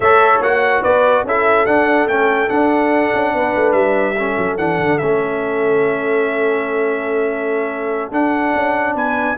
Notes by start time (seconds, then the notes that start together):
0.00 A3 A4 C#5 E5
0.40 A#3 F#4 F#5
0.81 B3 B4 D5
1.24 C#4 E4 A4 E5
1.65 D4 F#5
2.07 A3 C#4 G5
2.48 D4 F#5
3.13 C#4
3.34 B3 B4
3.55 A3
3.72 G3 E5
4.18 C#4 A4
4.37 F#3
4.57 E3 D4 F#5
4.79 D3
4.98 A3 C#4 E5
8.11 D4 F#5
8.54 C#4
8.94 B3 B4 G#5